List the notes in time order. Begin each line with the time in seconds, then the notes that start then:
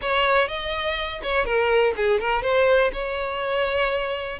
0.01 C#5
0.48 D#5
1.23 C#5
1.45 A#4
1.96 G#4
2.20 A#4
2.42 C5
2.93 C#5